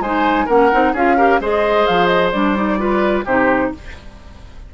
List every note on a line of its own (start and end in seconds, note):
0.00 0.46 G#3
0.00 0.48 D#4
0.00 0.46 C5
0.00 0.48 G#5
0.46 0.72 A#3
0.46 0.71 C#4
0.46 0.92 A#4
0.46 0.95 F#5
0.72 0.93 C4
0.72 0.95 D#4
0.93 1.40 C#4
0.93 1.17 F4
0.93 1.17 G#4
0.93 1.42 F5
1.17 1.40 G4
1.17 1.40 A#4
1.40 1.86 G#3
1.40 2.34 G#4
1.40 2.80 C5
1.40 1.86 D#5
1.86 2.33 F3
1.86 2.06 F5
2.06 2.30 D#5
2.32 3.25 G3
2.32 2.56 D4
2.32 3.24 D5
2.56 2.78 D#4
2.78 3.24 F4
2.78 3.25 B4
3.25 3.72 C3
3.25 3.74 D#4
3.25 3.71 G4
3.25 3.72 C5